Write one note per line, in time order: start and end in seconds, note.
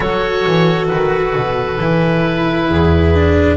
0.00 0.45 F#3
0.00 1.76 F#4
0.00 2.68 A4
0.00 0.86 C#5
0.46 0.90 E3
0.88 1.35 D#3
0.88 3.57 B4
1.35 1.79 B2
1.79 2.68 E3
1.79 3.14 E4
2.68 3.57 E2
2.68 3.57 G#4
3.14 3.57 D4